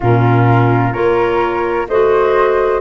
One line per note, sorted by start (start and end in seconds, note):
0.00 0.95 A#2
0.00 0.93 C#4
0.00 0.93 F4
0.00 0.93 A#4
0.93 1.88 A#3
0.93 1.87 F4
0.93 1.86 A#4
0.93 1.86 C#5
1.88 2.80 A3
1.88 2.80 F#4
1.88 2.80 C5
1.88 2.80 D#5